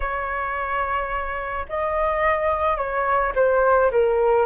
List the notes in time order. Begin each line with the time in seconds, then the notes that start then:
0.00 C#5
1.68 D#5
2.77 C#5
3.35 C5
3.91 A#4